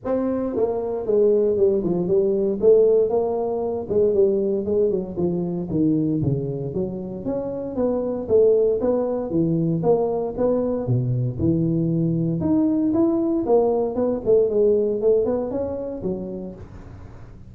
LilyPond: \new Staff \with { instrumentName = "tuba" } { \time 4/4 \tempo 4 = 116 c'4 ais4 gis4 g8 f8 | g4 a4 ais4. gis8 | g4 gis8 fis8 f4 dis4 | cis4 fis4 cis'4 b4 |
a4 b4 e4 ais4 | b4 b,4 e2 | dis'4 e'4 ais4 b8 a8 | gis4 a8 b8 cis'4 fis4 | }